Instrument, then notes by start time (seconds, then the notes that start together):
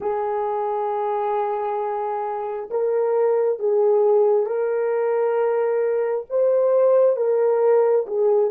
horn
0.00 G#4
2.70 A#4
3.59 G#4
4.46 A#4
6.29 C5
7.16 A#4
8.06 G#4